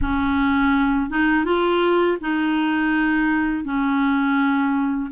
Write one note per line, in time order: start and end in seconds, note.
0.01 1.10 C#4
1.10 1.44 D#4
1.44 2.18 F4
2.21 3.64 D#4
3.64 5.10 C#4